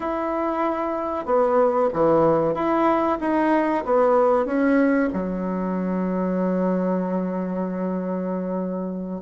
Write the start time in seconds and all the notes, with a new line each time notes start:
0.00 E4
1.25 B3
1.93 E3
2.54 E4
3.20 D#4
3.84 B3
4.45 C#4
5.13 F#3